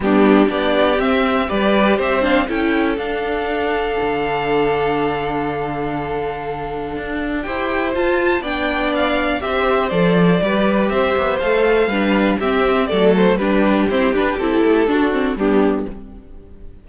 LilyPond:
<<
  \new Staff \with { instrumentName = "violin" } { \time 4/4 \tempo 4 = 121 g'4 d''4 e''4 d''4 | e''8 f''8 g''4 f''2~ | f''1~ | f''2. g''4 |
a''4 g''4 f''4 e''4 | d''2 e''4 f''4~ | f''4 e''4 d''8 c''8 b'4 | c''8 b'8 a'2 g'4 | }
  \new Staff \with { instrumentName = "violin" } { \time 4/4 d'4 g'2 b'4 | c''4 a'2.~ | a'1~ | a'2. c''4~ |
c''4 d''2 c''4~ | c''4 b'4 c''2 | b'4 g'4 a'4 g'4~ | g'2 fis'4 d'4 | }
  \new Staff \with { instrumentName = "viola" } { \time 4/4 b4 d'4 c'4 g'4~ | g'8 d'8 e'4 d'2~ | d'1~ | d'2. g'4 |
f'4 d'2 g'4 | a'4 g'2 a'4 | d'4 c'4 a4 d'4 | c'8 d'8 e'4 d'8 c'8 b4 | }
  \new Staff \with { instrumentName = "cello" } { \time 4/4 g4 b4 c'4 g4 | c'4 cis'4 d'2 | d1~ | d2 d'4 e'4 |
f'4 b2 c'4 | f4 g4 c'8 b8 a4 | g4 c'4 fis4 g4 | e'8 d'8 c'8 a8 d'4 g4 | }
>>